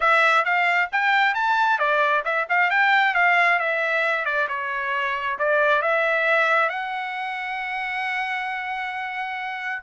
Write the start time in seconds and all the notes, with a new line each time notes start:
0.00 E5
0.44 F5
0.92 G5
1.34 A5
1.78 D5
2.24 E5
2.49 F5
2.70 G5
3.14 F5
3.59 E5
4.25 D5
4.48 C#5
5.39 D5
5.81 E5
6.69 F#5